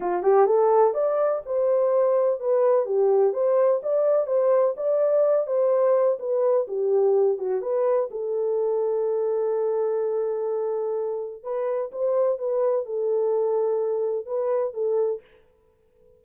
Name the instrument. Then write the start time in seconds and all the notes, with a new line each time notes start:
horn
0.00 F4
0.23 G4
0.46 A4
0.94 D5
1.45 C5
2.40 B4
2.85 G4
3.33 C5
3.82 D5
4.27 C5
4.77 D5
5.46 C5
6.19 B4
6.67 G4
7.37 F#4
7.61 B4
8.10 A4
11.43 B4
11.92 C5
12.38 B4
12.85 A4
14.26 B4
14.73 A4